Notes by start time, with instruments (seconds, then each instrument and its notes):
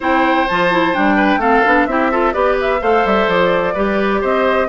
0.00 bassoon C4, clarinet E4, oboe C5, flute G5
0.48 bassoon F3, clarinet F4, flute A5
0.71 clarinet E4
0.93 bassoon G3, clarinet D4, flute G5
1.15 oboe B4
1.37 bassoon A3, clarinet C4, oboe A4, flute F5
1.65 bassoon B3, clarinet D4
1.86 bassoon C4, clarinet E4, oboe G4, flute E5
2.11 clarinet F4, oboe A4
2.33 bassoon B3, clarinet G4, oboe B4, flute D5
2.61 flute E5
2.81 bassoon A3, clarinet A4, oboe C5, flute F5
3.05 bassoon G3, flute E5
3.27 bassoon F3, flute D5
3.74 bassoon G3, clarinet G4, oboe B4
4.20 bassoon C4, oboe C5, flute D#5